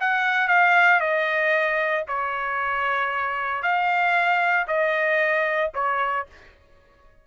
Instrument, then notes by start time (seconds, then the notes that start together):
trumpet
0.00 F#5
0.48 F5
1.00 D#5
2.08 C#5
3.62 F5
4.67 D#5
5.74 C#5